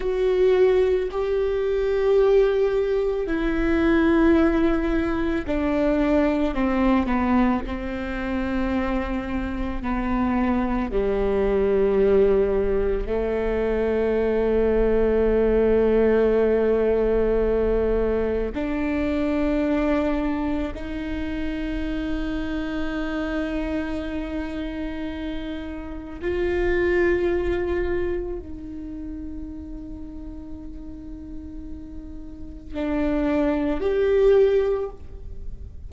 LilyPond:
\new Staff \with { instrumentName = "viola" } { \time 4/4 \tempo 4 = 55 fis'4 g'2 e'4~ | e'4 d'4 c'8 b8 c'4~ | c'4 b4 g2 | a1~ |
a4 d'2 dis'4~ | dis'1 | f'2 dis'2~ | dis'2 d'4 g'4 | }